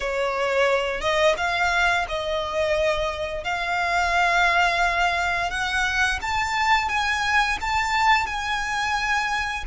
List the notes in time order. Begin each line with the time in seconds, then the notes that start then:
0.00 C#5
1.00 D#5
1.37 F5
2.08 D#5
3.44 F5
5.50 F#5
6.21 A5
6.88 G#5
7.61 A5
8.26 G#5